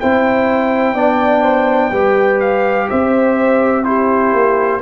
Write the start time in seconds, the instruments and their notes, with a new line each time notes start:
0.00 tuba C4, trombone E4, horn C5, trumpet G5
0.94 tuba B3, trombone D4, horn D5
1.43 horn C5
1.92 tuba G3, trombone G4, horn B4
2.40 trumpet F5
2.90 tuba C4, horn C5, trumpet E5
3.84 trombone E4, horn G4, trumpet C5
4.33 tuba A#3